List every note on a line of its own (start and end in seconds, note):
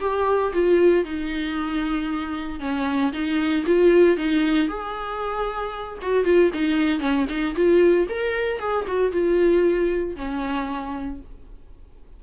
0.00 0.52 G4
0.53 1.04 F4
1.04 2.60 D#4
2.60 3.12 C#4
3.12 3.64 D#4
3.66 4.16 F4
4.16 4.68 D#4
4.68 5.98 G#4
6.01 6.24 F#4
6.24 6.51 F4
6.53 6.99 D#4
6.99 7.25 C#4
7.29 7.55 D#4
7.55 8.07 F4
8.09 8.59 A#4
8.59 8.85 G#4
8.87 9.11 F#4
9.11 10.16 F4
10.16 11.20 C#4